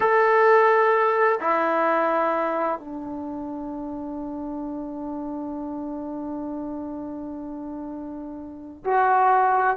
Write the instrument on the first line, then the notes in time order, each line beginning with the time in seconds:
trombone
0.00 A4
1.40 E4
2.79 D4
8.84 F#4